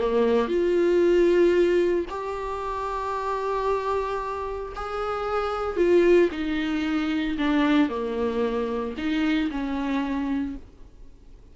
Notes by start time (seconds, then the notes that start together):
0.00 A#3
0.48 F4
2.10 G4
4.76 G#4
5.77 F4
6.32 D#4
7.39 D4
7.90 A#3
8.98 D#4
9.51 C#4